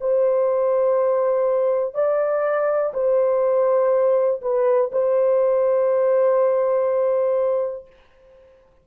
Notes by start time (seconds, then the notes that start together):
0.00 C5
1.94 D5
2.93 C5
4.41 B4
4.91 C5